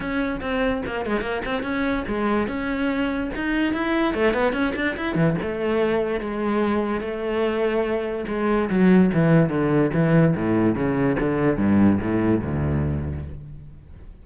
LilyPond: \new Staff \with { instrumentName = "cello" } { \time 4/4 \tempo 4 = 145 cis'4 c'4 ais8 gis8 ais8 c'8 | cis'4 gis4 cis'2 | dis'4 e'4 a8 b8 cis'8 d'8 | e'8 e8 a2 gis4~ |
gis4 a2. | gis4 fis4 e4 d4 | e4 a,4 cis4 d4 | g,4 a,4 d,2 | }